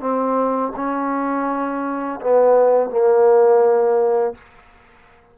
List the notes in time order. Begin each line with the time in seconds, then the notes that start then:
0.00 C4
0.76 C#4
2.20 B3
2.90 A#3